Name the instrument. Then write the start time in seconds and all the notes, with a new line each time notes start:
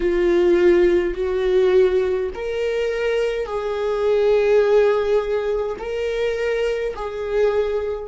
viola
0.00 F4
1.14 F#4
2.34 A#4
3.46 G#4
5.78 A#4
6.95 G#4